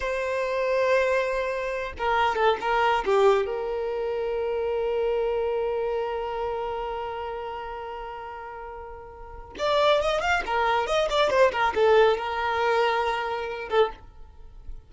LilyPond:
\new Staff \with { instrumentName = "violin" } { \time 4/4 \tempo 4 = 138 c''1~ | c''8 ais'4 a'8 ais'4 g'4 | ais'1~ | ais'1~ |
ais'1~ | ais'2 d''4 dis''8 f''8 | ais'4 dis''8 d''8 c''8 ais'8 a'4 | ais'2.~ ais'8 a'8 | }